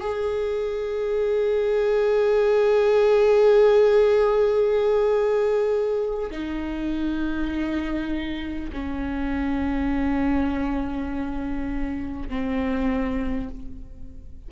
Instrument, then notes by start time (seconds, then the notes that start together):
viola
0.00 G#4
6.31 D#4
8.72 C#4
12.29 C4